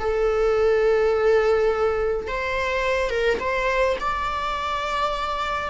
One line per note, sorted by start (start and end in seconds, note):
0.00 2.28 A4
2.28 3.10 C5
3.10 3.39 A#4
3.40 3.97 C5
4.00 5.71 D5